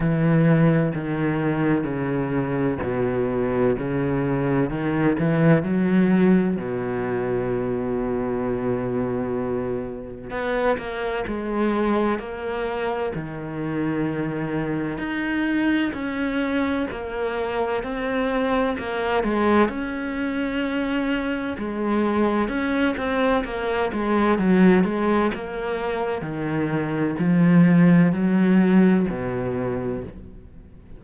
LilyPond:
\new Staff \with { instrumentName = "cello" } { \time 4/4 \tempo 4 = 64 e4 dis4 cis4 b,4 | cis4 dis8 e8 fis4 b,4~ | b,2. b8 ais8 | gis4 ais4 dis2 |
dis'4 cis'4 ais4 c'4 | ais8 gis8 cis'2 gis4 | cis'8 c'8 ais8 gis8 fis8 gis8 ais4 | dis4 f4 fis4 b,4 | }